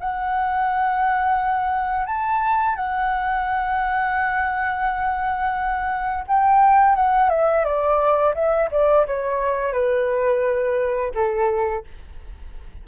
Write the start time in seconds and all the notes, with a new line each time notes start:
0.00 F#5
2.06 A5
2.76 F#5
6.28 G5
6.96 F#5
7.30 E5
7.65 D5
8.35 E5
8.71 D5
9.07 C#5
9.73 B4
11.15 A4